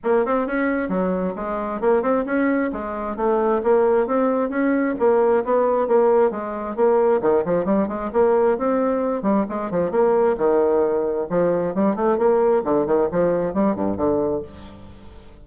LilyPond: \new Staff \with { instrumentName = "bassoon" } { \time 4/4 \tempo 4 = 133 ais8 c'8 cis'4 fis4 gis4 | ais8 c'8 cis'4 gis4 a4 | ais4 c'4 cis'4 ais4 | b4 ais4 gis4 ais4 |
dis8 f8 g8 gis8 ais4 c'4~ | c'8 g8 gis8 f8 ais4 dis4~ | dis4 f4 g8 a8 ais4 | d8 dis8 f4 g8 g,8 d4 | }